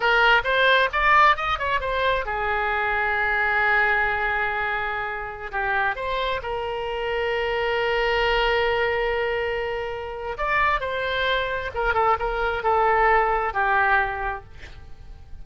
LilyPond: \new Staff \with { instrumentName = "oboe" } { \time 4/4 \tempo 4 = 133 ais'4 c''4 d''4 dis''8 cis''8 | c''4 gis'2.~ | gis'1~ | gis'16 g'4 c''4 ais'4.~ ais'16~ |
ais'1~ | ais'2. d''4 | c''2 ais'8 a'8 ais'4 | a'2 g'2 | }